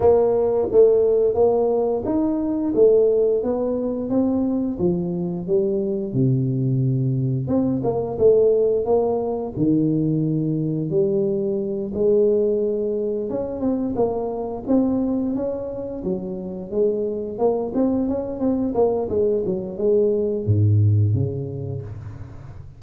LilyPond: \new Staff \with { instrumentName = "tuba" } { \time 4/4 \tempo 4 = 88 ais4 a4 ais4 dis'4 | a4 b4 c'4 f4 | g4 c2 c'8 ais8 | a4 ais4 dis2 |
g4. gis2 cis'8 | c'8 ais4 c'4 cis'4 fis8~ | fis8 gis4 ais8 c'8 cis'8 c'8 ais8 | gis8 fis8 gis4 gis,4 cis4 | }